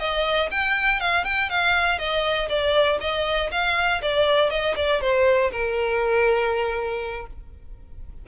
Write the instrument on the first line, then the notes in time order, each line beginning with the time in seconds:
violin
0.00 D#5
0.51 G5
1.01 F5
1.25 G5
1.50 F5
1.99 D#5
2.50 D5
3.01 D#5
3.52 F5
4.02 D5
4.51 D#5
4.76 D5
5.01 C5
5.52 A#4